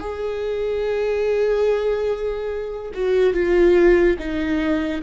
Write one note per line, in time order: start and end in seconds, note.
0.00 2.92 G#4
2.94 3.33 F#4
3.33 4.17 F4
4.19 5.02 D#4